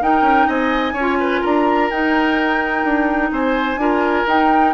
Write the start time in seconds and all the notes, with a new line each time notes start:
0.00 D#4 A#4 G5
0.21 C#4
0.47 C4 D#5 G#5
0.93 C#4 C#5
0.99 F4
1.19 B4
1.40 D4 A#4 A#5
1.90 D#4 G5
2.83 D4
3.31 C4 C5 G#5
3.76 D4 F4 A#4
4.26 D#4 G5